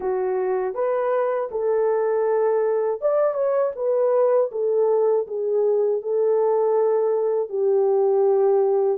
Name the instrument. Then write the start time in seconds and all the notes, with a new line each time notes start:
horn
0.00 F#4
0.74 B4
1.51 A4
3.01 D5
3.34 C#5
3.75 B4
4.51 A4
5.27 G#4
6.02 A4
7.49 G4